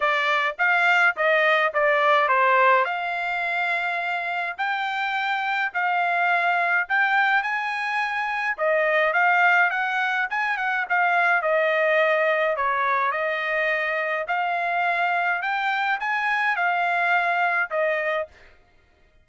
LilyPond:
\new Staff \with { instrumentName = "trumpet" } { \time 4/4 \tempo 4 = 105 d''4 f''4 dis''4 d''4 | c''4 f''2. | g''2 f''2 | g''4 gis''2 dis''4 |
f''4 fis''4 gis''8 fis''8 f''4 | dis''2 cis''4 dis''4~ | dis''4 f''2 g''4 | gis''4 f''2 dis''4 | }